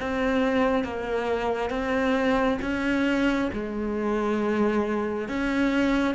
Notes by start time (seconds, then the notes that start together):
0.00 C4
0.84 A#3
1.70 C4
2.61 C#4
3.53 G#3
5.29 C#4